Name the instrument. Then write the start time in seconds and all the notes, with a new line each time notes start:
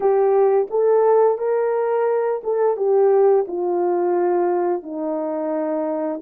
horn
0.00 G4
0.70 A4
1.38 A#4
2.43 A4
2.76 G4
3.47 F4
4.82 D#4